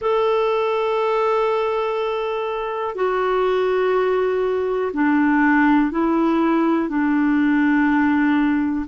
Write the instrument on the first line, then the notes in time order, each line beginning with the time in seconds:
clarinet
0.01 A4
2.95 F#4
4.93 D4
5.91 E4
6.89 D4